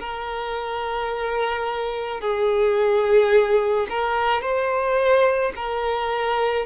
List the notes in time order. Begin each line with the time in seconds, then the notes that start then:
0.00 A#4
2.21 G#4
3.90 A#4
4.42 C5
5.57 A#4